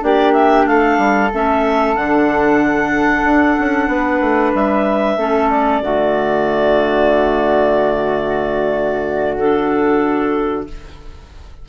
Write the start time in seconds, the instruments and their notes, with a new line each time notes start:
0.00 bassoon A#3, clarinet D4 D5, flute G4
0.33 clarinet E5
0.66 bassoon A3, flute A4, clarinet F5
0.98 bassoon G3
1.33 bassoon A3, clarinet C#4 E5
1.95 bassoon D3, clarinet D4 F#5
3.24 bassoon D4
3.59 bassoon C#4
3.87 bassoon B3, flute B4
4.20 bassoon A3
4.54 bassoon G3, clarinet E5
5.17 bassoon A3, clarinet C#4, flute A4
5.50 clarinet D5
5.81 bassoon D3, clarinet A3, flute F#4
9.38 clarinet D4 A4